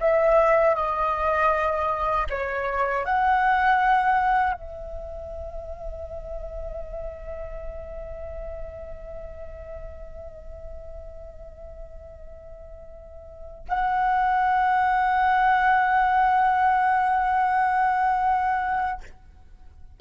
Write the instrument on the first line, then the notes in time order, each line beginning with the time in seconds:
flute
0.00 E5
0.75 D#5
2.30 C#5
3.05 F#5
4.53 E5
13.68 F#5